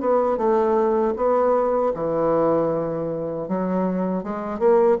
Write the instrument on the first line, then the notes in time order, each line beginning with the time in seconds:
bassoon
0.00 B3
0.37 A3
1.16 B3
1.94 E3
3.48 F#3
4.23 G#3
4.58 A#3